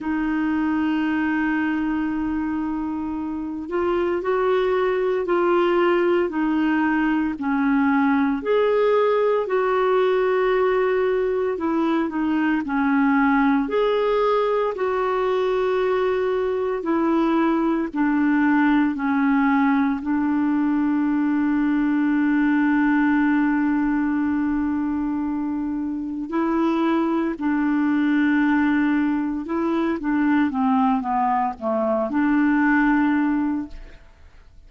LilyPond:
\new Staff \with { instrumentName = "clarinet" } { \time 4/4 \tempo 4 = 57 dis'2.~ dis'8 f'8 | fis'4 f'4 dis'4 cis'4 | gis'4 fis'2 e'8 dis'8 | cis'4 gis'4 fis'2 |
e'4 d'4 cis'4 d'4~ | d'1~ | d'4 e'4 d'2 | e'8 d'8 c'8 b8 a8 d'4. | }